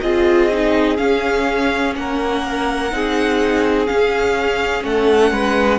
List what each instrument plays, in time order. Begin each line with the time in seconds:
0.00 cello C4, viola F4, violin G#4 D#5
0.51 viola D#4
0.96 viola C#4, cello C#4, violin F5
1.95 cello A#3, violin A#4 F#5
2.90 cello C4, viola D#4, violin G#4
3.86 viola C#4, cello C#4, violin F5
4.84 cello A3, violin A4 F#5
5.31 cello G#3, violin B4